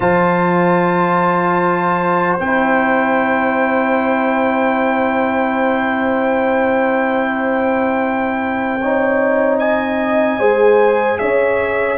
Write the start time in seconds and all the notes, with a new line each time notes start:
0.00 F3 F4 C5 A5
2.39 C4 E4 G5
8.81 D#4 C#5
9.58 D#5 G#5
10.39 G#3 G#4 C5
11.18 C#4 C#5 E5